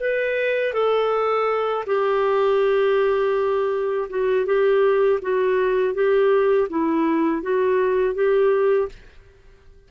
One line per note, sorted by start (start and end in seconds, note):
0.00 0.73 B4
0.73 1.85 A4
1.87 4.09 G4
4.09 4.46 F#4
4.46 5.20 G4
5.22 5.94 F#4
5.94 6.68 G4
6.69 7.42 E4
7.42 8.14 F#4
8.14 8.89 G4